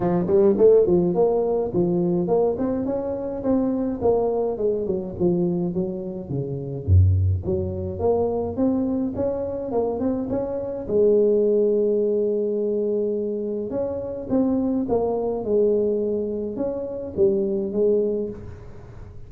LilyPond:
\new Staff \with { instrumentName = "tuba" } { \time 4/4 \tempo 4 = 105 f8 g8 a8 f8 ais4 f4 | ais8 c'8 cis'4 c'4 ais4 | gis8 fis8 f4 fis4 cis4 | fis,4 fis4 ais4 c'4 |
cis'4 ais8 c'8 cis'4 gis4~ | gis1 | cis'4 c'4 ais4 gis4~ | gis4 cis'4 g4 gis4 | }